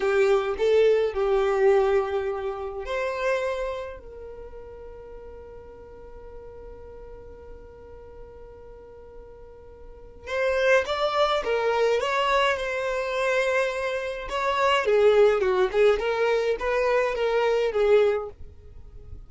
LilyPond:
\new Staff \with { instrumentName = "violin" } { \time 4/4 \tempo 4 = 105 g'4 a'4 g'2~ | g'4 c''2 ais'4~ | ais'1~ | ais'1~ |
ais'2 c''4 d''4 | ais'4 cis''4 c''2~ | c''4 cis''4 gis'4 fis'8 gis'8 | ais'4 b'4 ais'4 gis'4 | }